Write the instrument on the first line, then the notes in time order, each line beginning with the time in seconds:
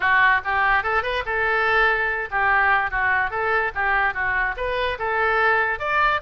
oboe
0.00 F#4
0.44 G4
0.83 A4
1.02 B4
1.25 A4
2.30 G4
2.90 F#4
3.30 A4
3.74 G4
4.14 F#4
4.56 B4
4.98 A4
5.79 D5